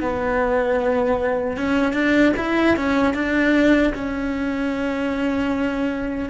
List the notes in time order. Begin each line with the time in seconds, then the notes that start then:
0.00 B3
1.56 C#4
1.93 D4
2.36 E4
2.76 C#4
3.14 D4
3.94 C#4